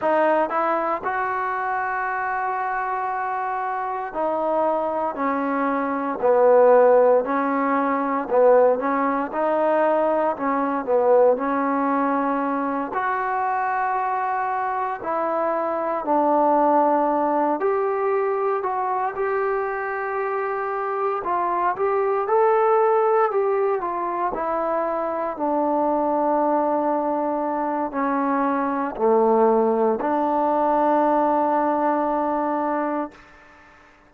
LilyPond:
\new Staff \with { instrumentName = "trombone" } { \time 4/4 \tempo 4 = 58 dis'8 e'8 fis'2. | dis'4 cis'4 b4 cis'4 | b8 cis'8 dis'4 cis'8 b8 cis'4~ | cis'8 fis'2 e'4 d'8~ |
d'4 g'4 fis'8 g'4.~ | g'8 f'8 g'8 a'4 g'8 f'8 e'8~ | e'8 d'2~ d'8 cis'4 | a4 d'2. | }